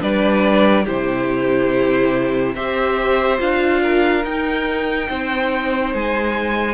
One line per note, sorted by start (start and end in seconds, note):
0.00 0.87 G3
0.00 0.85 D4
0.00 0.84 B4
0.00 0.86 D5
0.84 2.55 C3
0.84 2.56 E4
0.84 2.53 G4
0.84 2.55 C5
2.55 3.40 C4
2.55 3.39 G4
2.55 3.82 C5
2.55 3.40 E5
3.39 4.24 D4
3.39 4.23 F4
3.39 4.25 F5
3.82 5.09 A#4
4.24 5.09 D#4
4.24 6.74 D#4
4.24 5.94 G5
5.10 5.94 C4
5.10 6.74 C5
5.94 6.74 G#3
5.94 6.74 G#5